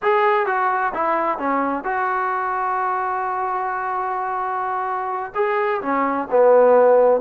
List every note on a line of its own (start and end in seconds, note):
0.02 0.46 G#4
0.46 0.92 F#4
0.94 1.38 E4
1.38 1.84 C#4
1.84 5.32 F#4
5.34 5.81 G#4
5.81 6.28 C#4
6.30 7.20 B3